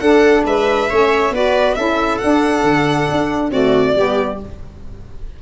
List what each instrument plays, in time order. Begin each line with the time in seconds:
0.00 tuba D4, saxophone D4, viola A4, violin F#5
0.45 tuba G#3, viola B4, violin E5
0.90 tuba A3, saxophone C#4, viola C#5
1.31 tuba B3, saxophone F#4, viola B4, violin D5
1.75 tuba C#4, saxophone E4, viola A4, violin E5
2.18 saxophone D4, tuba D4, violin F#5
2.64 tuba D3
3.11 tuba D4
3.51 saxophone A3, tuba C4, viola F#4, violin D5
3.96 tuba G3, saxophone B3, viola G4